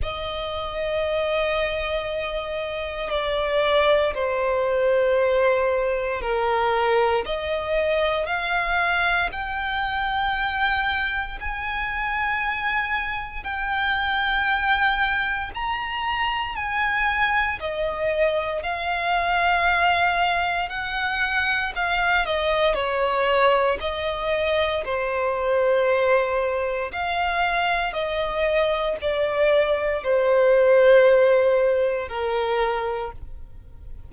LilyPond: \new Staff \with { instrumentName = "violin" } { \time 4/4 \tempo 4 = 58 dis''2. d''4 | c''2 ais'4 dis''4 | f''4 g''2 gis''4~ | gis''4 g''2 ais''4 |
gis''4 dis''4 f''2 | fis''4 f''8 dis''8 cis''4 dis''4 | c''2 f''4 dis''4 | d''4 c''2 ais'4 | }